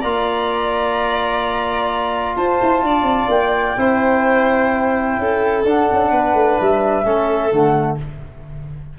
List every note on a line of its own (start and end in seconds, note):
0.00 2.36 A#3
0.00 3.77 F4
0.00 2.34 D5
0.00 2.35 A#5
2.36 2.60 F4
2.36 2.83 C5
2.36 3.29 A5
2.62 2.82 E4
2.82 3.02 D4
2.82 3.79 D5
3.02 3.26 C4
3.28 3.75 A#3
3.28 5.64 G5
3.77 5.17 C4
3.77 5.65 E4
3.77 5.19 C5
5.18 5.65 C#4
5.18 6.10 A4
5.65 5.88 D4
5.65 7.04 D4
5.65 6.58 F#5
5.92 6.11 C#4
6.10 6.33 B3
6.10 7.04 B4
6.33 6.57 A3
6.58 7.04 G3
6.58 7.51 E5
7.04 7.51 A3
7.04 7.51 C#4
7.04 7.98 A4
7.51 7.98 D3
7.51 7.98 A3
7.51 7.98 F#5